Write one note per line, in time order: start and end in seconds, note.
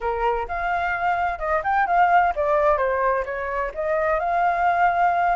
0.00 0.47 A#4
0.48 1.38 F5
1.38 1.62 D#5
1.63 1.86 G5
1.86 2.33 F5
2.35 2.77 D5
2.77 3.24 C5
3.25 3.71 C#5
3.74 4.19 D#5
4.19 5.36 F5